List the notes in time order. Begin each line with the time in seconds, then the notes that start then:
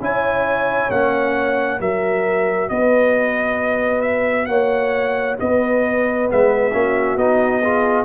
0.00 C#4 E4 C#5 G#5
0.90 A#3 C#4 F#5
1.79 F#3 F#4 A#4 E5
2.69 B3 B4 D#5
4.01 E5
4.46 A#3 C#5 F#5
5.40 B3 B4 D#5
6.26 G#3 B3 E5
6.73 A#3 C#4 F#4
7.16 B3 D#4 D#5
7.62 F4 G#4